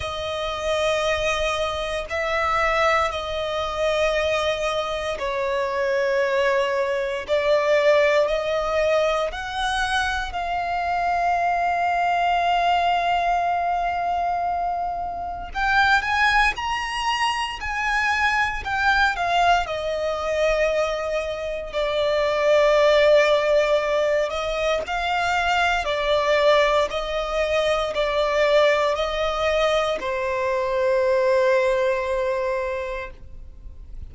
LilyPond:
\new Staff \with { instrumentName = "violin" } { \time 4/4 \tempo 4 = 58 dis''2 e''4 dis''4~ | dis''4 cis''2 d''4 | dis''4 fis''4 f''2~ | f''2. g''8 gis''8 |
ais''4 gis''4 g''8 f''8 dis''4~ | dis''4 d''2~ d''8 dis''8 | f''4 d''4 dis''4 d''4 | dis''4 c''2. | }